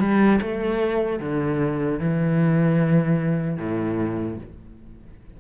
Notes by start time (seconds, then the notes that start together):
0.00 G3
0.42 A3
1.20 D3
2.00 E3
3.57 A2